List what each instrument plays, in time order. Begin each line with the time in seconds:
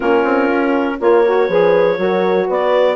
0.00 bassoon A#3, saxophone C#4, horn F4, clarinet A#4
0.24 bassoon C4
0.49 bassoon C#4
0.99 bassoon A#3, saxophone F4, horn A#4, clarinet C#5
1.26 saxophone F#4
1.47 bassoon F3, saxophone G#4, horn B4
1.97 bassoon F#3, saxophone F#4, horn A#4
2.47 bassoon B3, horn B4, clarinet D5